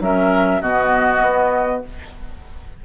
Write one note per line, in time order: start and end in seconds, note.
0.00 0.61 F#3
0.00 0.62 C#4
0.00 0.61 A#4
0.00 0.61 E5
0.61 1.21 B2
0.61 1.85 B3
0.61 1.82 F#4
0.61 1.83 D#5
1.21 1.82 B3